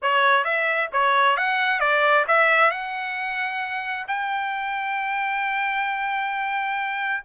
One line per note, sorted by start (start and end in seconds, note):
0.02 0.44 C#5
0.44 0.89 E5
0.92 1.36 C#5
1.36 1.80 F#5
1.80 2.25 D5
2.27 2.70 E5
2.70 4.06 F#5
4.07 7.23 G5